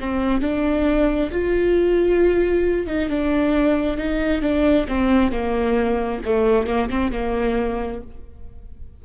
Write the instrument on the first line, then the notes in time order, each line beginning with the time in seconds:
viola
0.00 C4
0.42 D4
1.32 F4
2.87 D#4
3.09 D4
3.97 D#4
4.42 D4
4.88 C4
5.32 A#3
6.26 A3
6.67 A#3
6.90 C4
7.12 A#3